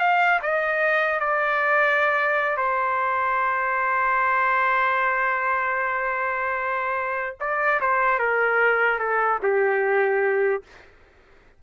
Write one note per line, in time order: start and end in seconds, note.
0.00 0.40 F5
0.42 1.20 D#5
1.20 2.57 D5
2.57 7.37 C5
7.40 7.80 D5
7.81 8.19 C5
8.19 8.99 A#4
8.99 9.39 A4
9.43 10.63 G4